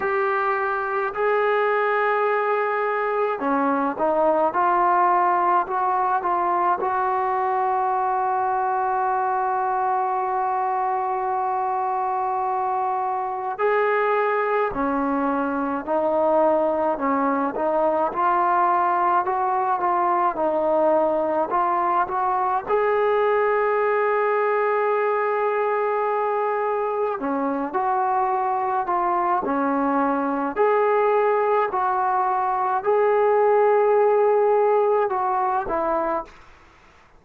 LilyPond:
\new Staff \with { instrumentName = "trombone" } { \time 4/4 \tempo 4 = 53 g'4 gis'2 cis'8 dis'8 | f'4 fis'8 f'8 fis'2~ | fis'1 | gis'4 cis'4 dis'4 cis'8 dis'8 |
f'4 fis'8 f'8 dis'4 f'8 fis'8 | gis'1 | cis'8 fis'4 f'8 cis'4 gis'4 | fis'4 gis'2 fis'8 e'8 | }